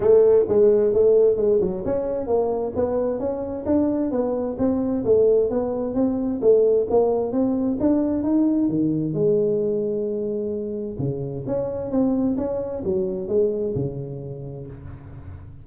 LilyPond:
\new Staff \with { instrumentName = "tuba" } { \time 4/4 \tempo 4 = 131 a4 gis4 a4 gis8 fis8 | cis'4 ais4 b4 cis'4 | d'4 b4 c'4 a4 | b4 c'4 a4 ais4 |
c'4 d'4 dis'4 dis4 | gis1 | cis4 cis'4 c'4 cis'4 | fis4 gis4 cis2 | }